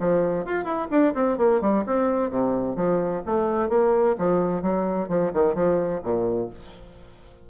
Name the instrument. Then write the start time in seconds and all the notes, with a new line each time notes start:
bassoon
0.00 F3
0.45 F4
0.64 E4
0.91 D4
1.14 C4
1.38 A#3
1.61 G3
1.86 C4
2.30 C3
2.76 F3
3.26 A3
3.69 A#3
4.18 F3
4.62 F#3
5.09 F3
5.34 D#3
5.55 F3
6.03 A#2